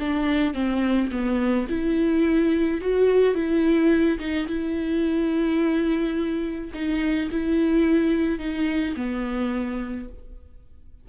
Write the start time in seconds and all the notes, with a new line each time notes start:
0.00 D4
0.54 C4
1.12 B3
1.69 E4
2.81 F#4
3.35 E4
4.20 D#4
4.47 E4
6.74 D#4
7.32 E4
8.40 D#4
8.97 B3